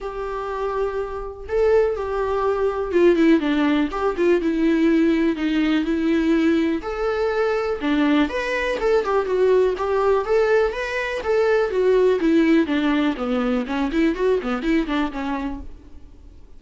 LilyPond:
\new Staff \with { instrumentName = "viola" } { \time 4/4 \tempo 4 = 123 g'2. a'4 | g'2 f'8 e'8 d'4 | g'8 f'8 e'2 dis'4 | e'2 a'2 |
d'4 b'4 a'8 g'8 fis'4 | g'4 a'4 b'4 a'4 | fis'4 e'4 d'4 b4 | cis'8 e'8 fis'8 b8 e'8 d'8 cis'4 | }